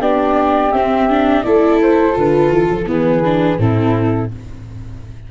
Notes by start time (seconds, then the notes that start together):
0.00 B3 D4 G4 D5
0.72 C4 E5
1.10 D4
1.43 A3 E4 A4 D5
1.82 C5
2.13 D3 F4
2.19 B4
2.50 E3 A4
2.70 F3
2.86 E3 B3 G#4 B4
3.25 D4
3.58 A2 C4 E4 A4